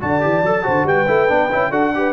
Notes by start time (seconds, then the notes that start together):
0.00 D3 F#4 D5 A5
0.20 E3 G4
0.42 F#3 A4
0.63 D3 F#4 C5
0.84 G3 B4 G5
1.07 A3 E4
1.28 B3 D4
1.51 C#4 E4
1.70 D4 F#4 A4 F#5
1.95 G4 B4